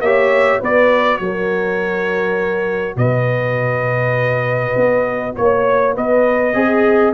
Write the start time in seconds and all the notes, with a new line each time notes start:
0.00 A#3 G4 C#5 E5
0.59 B3 F#4 B4 D5
1.17 F#3 A#4 C#5
2.96 B2 B4 D#5
4.76 B3
5.35 A#3 C#5
5.94 B3 B4 D#5
6.53 C4 G#4